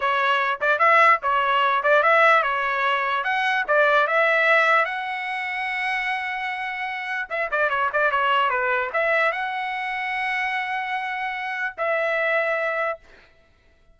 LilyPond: \new Staff \with { instrumentName = "trumpet" } { \time 4/4 \tempo 4 = 148 cis''4. d''8 e''4 cis''4~ | cis''8 d''8 e''4 cis''2 | fis''4 d''4 e''2 | fis''1~ |
fis''2 e''8 d''8 cis''8 d''8 | cis''4 b'4 e''4 fis''4~ | fis''1~ | fis''4 e''2. | }